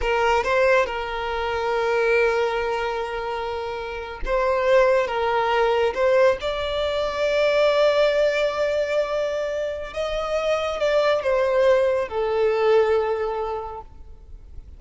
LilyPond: \new Staff \with { instrumentName = "violin" } { \time 4/4 \tempo 4 = 139 ais'4 c''4 ais'2~ | ais'1~ | ais'4.~ ais'16 c''2 ais'16~ | ais'4.~ ais'16 c''4 d''4~ d''16~ |
d''1~ | d''2. dis''4~ | dis''4 d''4 c''2 | a'1 | }